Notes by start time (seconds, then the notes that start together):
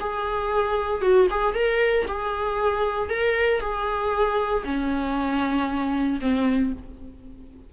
0.00 G#4
1.01 F#4
1.30 G#4
1.54 A#4
2.07 G#4
3.10 A#4
3.60 G#4
4.65 C#4
6.21 C4